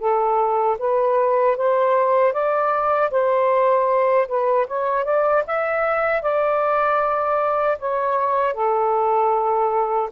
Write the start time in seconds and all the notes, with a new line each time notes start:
0.00 A4
0.79 B4
1.57 C5
2.33 D5
3.11 C5
4.29 B4
4.68 C#5
5.05 D5
5.47 E5
6.23 D5
7.79 C#5
8.54 A4